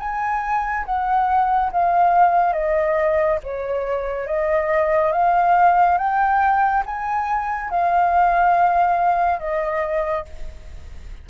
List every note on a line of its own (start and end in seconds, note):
0.00 0.86 G#5
0.86 1.71 F#5
1.72 2.53 F5
2.53 3.39 D#5
3.44 4.27 C#5
4.27 5.13 D#5
5.13 5.98 F5
5.98 6.84 G5
6.86 7.71 G#5
7.71 9.40 F5
9.40 10.25 D#5